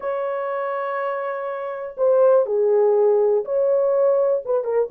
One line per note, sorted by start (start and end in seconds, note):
0.00 1.95 C#5
1.97 2.45 C5
2.45 3.44 G#4
3.44 4.43 C#5
4.45 4.64 B4
4.64 4.88 A#4